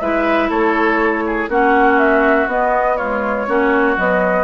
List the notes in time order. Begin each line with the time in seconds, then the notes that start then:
0.00 G#3 E4 B4 E5
0.49 A3 A4 C#5
1.26 G#4
1.48 A#3 C#4 F#4 F#5
1.98 E5
2.47 B3 D#5
2.96 G#3 F4 C#5
3.48 A#3 C#4 F#4
3.96 F#3 B3 D#5